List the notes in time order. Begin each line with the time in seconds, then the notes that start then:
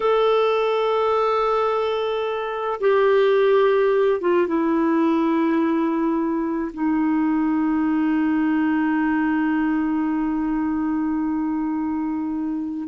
0.00 A4
2.80 G4
4.20 F4
4.47 E4
6.73 D#4